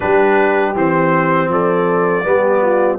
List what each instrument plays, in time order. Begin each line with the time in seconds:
0.00 tuba G3, trombone D4, horn G4, trumpet B4
0.75 tuba E3, trombone C4, trumpet C5
1.48 tuba F3, horn A4, trumpet D5
2.24 tuba G3, trombone B3, horn G4
2.61 horn F4